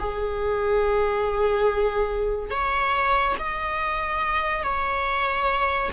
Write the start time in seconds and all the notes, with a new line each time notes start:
0.00 G#4
2.51 C#5
3.39 D#5
4.64 C#5